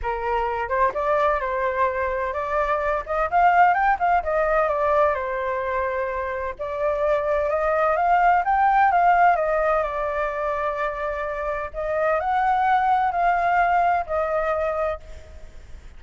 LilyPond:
\new Staff \with { instrumentName = "flute" } { \time 4/4 \tempo 4 = 128 ais'4. c''8 d''4 c''4~ | c''4 d''4. dis''8 f''4 | g''8 f''8 dis''4 d''4 c''4~ | c''2 d''2 |
dis''4 f''4 g''4 f''4 | dis''4 d''2.~ | d''4 dis''4 fis''2 | f''2 dis''2 | }